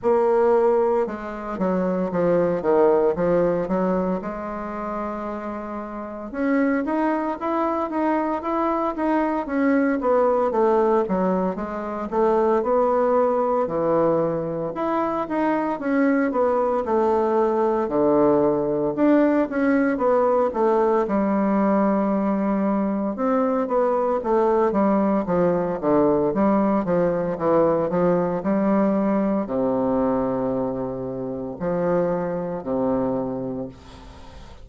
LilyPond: \new Staff \with { instrumentName = "bassoon" } { \time 4/4 \tempo 4 = 57 ais4 gis8 fis8 f8 dis8 f8 fis8 | gis2 cis'8 dis'8 e'8 dis'8 | e'8 dis'8 cis'8 b8 a8 fis8 gis8 a8 | b4 e4 e'8 dis'8 cis'8 b8 |
a4 d4 d'8 cis'8 b8 a8 | g2 c'8 b8 a8 g8 | f8 d8 g8 f8 e8 f8 g4 | c2 f4 c4 | }